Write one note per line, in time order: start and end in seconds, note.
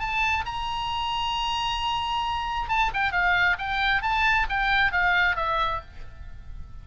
0.00 0.45 A5
0.46 2.69 A#5
2.69 2.92 A5
2.94 3.12 G5
3.12 3.57 F5
3.58 4.02 G5
4.02 4.47 A5
4.49 4.92 G5
4.92 5.36 F5
5.36 5.81 E5